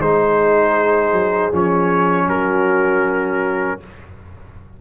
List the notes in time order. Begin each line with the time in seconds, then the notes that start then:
0.00 G#3 D#4 G#4 C5
1.12 F#3
1.52 F3 C#4 C#5
2.27 F#3 F#4 A#4